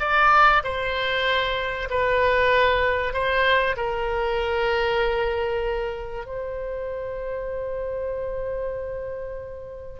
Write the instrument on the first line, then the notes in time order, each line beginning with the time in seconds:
oboe
0.00 D5
0.64 C5
1.90 B4
3.13 C5
3.77 A#4
6.26 C5